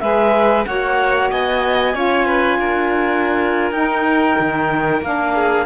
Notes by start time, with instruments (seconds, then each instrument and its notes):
0.00 cello G#3, saxophone G#4, violin B4, clarinet E5
0.66 cello A#3, saxophone F#4, violin C#5, clarinet F#5
1.31 cello B3, violin D#5, clarinet G#5
1.94 cello C#4, saxophone F4, violin C#5
2.26 violin B4
2.58 cello D4, violin A#4
3.71 cello D#4, saxophone D#4, clarinet G5
4.39 cello D#3
5.02 cello A#3, saxophone D4, clarinet F5
5.34 violin G#4